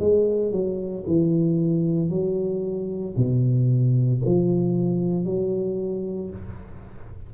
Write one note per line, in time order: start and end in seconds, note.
0.00 0.52 G#3
0.52 1.05 F#3
1.07 2.10 E3
2.10 3.15 F#3
3.17 4.22 B2
4.25 5.25 F3
5.25 6.30 F#3